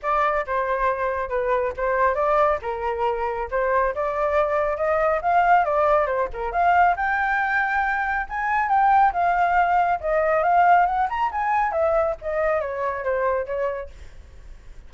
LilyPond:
\new Staff \with { instrumentName = "flute" } { \time 4/4 \tempo 4 = 138 d''4 c''2 b'4 | c''4 d''4 ais'2 | c''4 d''2 dis''4 | f''4 d''4 c''8 ais'8 f''4 |
g''2. gis''4 | g''4 f''2 dis''4 | f''4 fis''8 ais''8 gis''4 e''4 | dis''4 cis''4 c''4 cis''4 | }